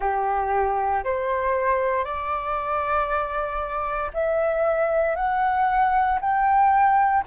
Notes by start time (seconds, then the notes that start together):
0.00 G4
1.03 C5
2.04 D5
4.13 E5
5.15 F#5
6.21 G5